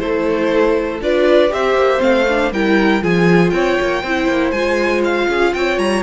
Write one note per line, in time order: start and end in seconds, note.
0.00 1.01 A3
0.00 1.01 E4
0.00 1.04 A4
0.00 1.01 C5
1.01 1.51 D4
1.01 1.49 F4
1.01 1.54 B4
1.01 1.53 D5
1.49 1.75 C4
1.49 1.99 G4
1.49 2.53 C5
1.49 2.01 E5
1.75 2.00 A#3
1.99 2.52 A3
1.99 2.24 C4
1.99 2.52 F5
2.29 2.54 D4
2.52 3.02 G3
2.52 3.02 E4
2.52 3.04 A#4
2.52 3.03 G5
3.02 3.53 F3
3.02 4.03 F4
3.02 3.54 G#4
3.02 3.51 G#5
3.51 3.78 C4
3.51 4.03 C#5
3.51 4.51 G5
3.81 4.03 A#3
4.03 4.28 C4
4.03 4.56 E4
4.03 5.28 C5
4.28 4.52 A#3
4.51 5.27 G#3
4.51 6.03 F4
4.51 5.02 G#5
5.05 5.55 F5
5.28 5.54 C#4
5.28 5.54 G#4
5.55 5.78 C4
5.55 6.03 C#5
5.55 5.79 G5
5.78 6.03 G3
5.78 6.03 A#5